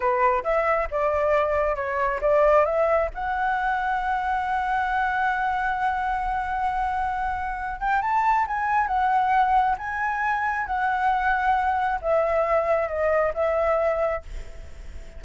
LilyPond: \new Staff \with { instrumentName = "flute" } { \time 4/4 \tempo 4 = 135 b'4 e''4 d''2 | cis''4 d''4 e''4 fis''4~ | fis''1~ | fis''1~ |
fis''4. g''8 a''4 gis''4 | fis''2 gis''2 | fis''2. e''4~ | e''4 dis''4 e''2 | }